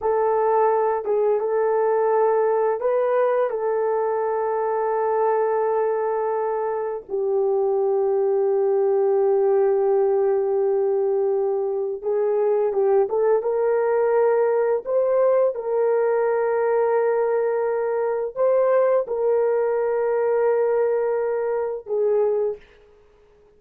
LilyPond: \new Staff \with { instrumentName = "horn" } { \time 4/4 \tempo 4 = 85 a'4. gis'8 a'2 | b'4 a'2.~ | a'2 g'2~ | g'1~ |
g'4 gis'4 g'8 a'8 ais'4~ | ais'4 c''4 ais'2~ | ais'2 c''4 ais'4~ | ais'2. gis'4 | }